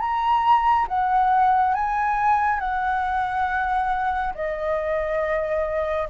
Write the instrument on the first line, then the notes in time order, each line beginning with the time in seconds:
flute
0.00 A#5
0.88 F#5
1.75 G#5
2.60 F#5
4.35 D#5